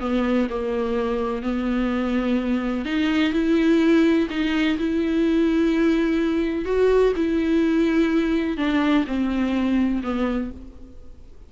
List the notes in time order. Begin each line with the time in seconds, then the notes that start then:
0.00 B3
0.50 A#3
1.42 B3
2.85 D#4
3.33 E4
4.30 D#4
4.79 E4
6.65 F#4
7.16 E4
8.57 D4
9.07 C4
10.03 B3